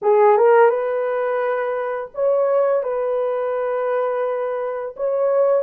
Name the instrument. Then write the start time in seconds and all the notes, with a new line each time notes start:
horn
0.02 G#4
0.37 A#4
0.69 B4
2.14 C#5
2.83 B4
4.96 C#5